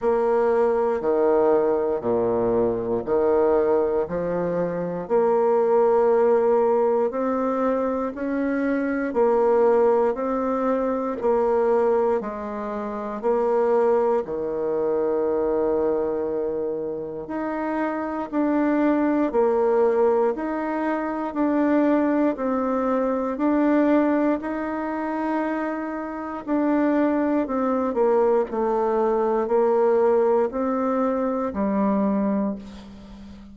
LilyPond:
\new Staff \with { instrumentName = "bassoon" } { \time 4/4 \tempo 4 = 59 ais4 dis4 ais,4 dis4 | f4 ais2 c'4 | cis'4 ais4 c'4 ais4 | gis4 ais4 dis2~ |
dis4 dis'4 d'4 ais4 | dis'4 d'4 c'4 d'4 | dis'2 d'4 c'8 ais8 | a4 ais4 c'4 g4 | }